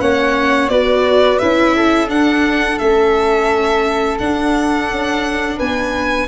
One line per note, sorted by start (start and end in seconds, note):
0.00 0.69 A#3
0.00 0.70 C#4
0.00 0.71 C#5
0.00 0.69 F#5
0.69 1.39 B3
0.69 1.41 F#4
0.69 1.76 B4
0.69 1.39 D5
1.39 2.10 C#4
1.39 2.08 E4
1.39 2.08 E5
1.76 5.57 A4
2.08 2.78 D4
2.08 2.80 D4
2.08 2.79 F#5
2.79 4.20 A3
2.79 4.20 C#4
2.79 4.18 E5
4.19 6.28 D4
4.19 4.90 D4
4.19 5.59 F#5
4.90 5.60 C#4
5.57 6.28 B3
5.57 6.27 B4
5.57 6.28 G#5